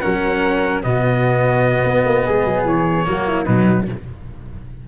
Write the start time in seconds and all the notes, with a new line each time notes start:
0.00 F#3 C#4 A#4 F#5
0.82 B2 B3 F#4 D#5
1.83 B3
2.05 A#3
2.24 G#3 G#4
2.45 F#3
2.64 E3 C#5
3.04 F#3 A#3 F#4
3.27 E4
3.44 B2 F#3 D#4 B4